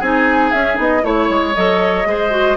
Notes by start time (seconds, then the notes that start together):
0.00 C4 D#4 G#4 G#5
0.51 C#4 E5
0.75 B3 D#4 D#5
1.03 A3 E4 C#5
1.30 G#3
1.55 F#3 A4 D#5
2.05 G#3 G#4 C5
2.31 F#4